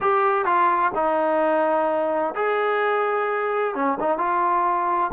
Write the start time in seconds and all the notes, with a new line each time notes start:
0.00 G4
0.45 F4
0.95 D#4
2.35 G#4
3.74 C#4
4.00 D#4
4.17 F4